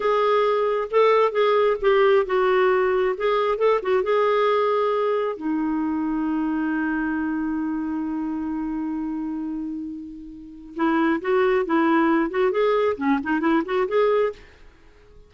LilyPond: \new Staff \with { instrumentName = "clarinet" } { \time 4/4 \tempo 4 = 134 gis'2 a'4 gis'4 | g'4 fis'2 gis'4 | a'8 fis'8 gis'2. | dis'1~ |
dis'1~ | dis'1 | e'4 fis'4 e'4. fis'8 | gis'4 cis'8 dis'8 e'8 fis'8 gis'4 | }